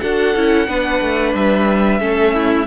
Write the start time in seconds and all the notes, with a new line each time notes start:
0.00 D4 F#4 A4 F#5
0.35 C#4 E4
0.67 B3 D4 B4
1.01 A3
1.34 G3 E5
1.99 A3 C#4 A4
2.33 E4